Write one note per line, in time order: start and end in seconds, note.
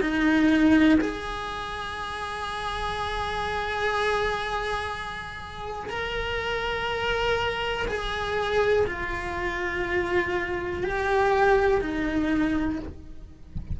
0.00 0.98 D#4
1.00 5.89 G#4
5.89 7.86 A#4
7.87 8.86 G#4
8.86 10.83 F4
10.83 11.81 G4
11.81 12.79 D#4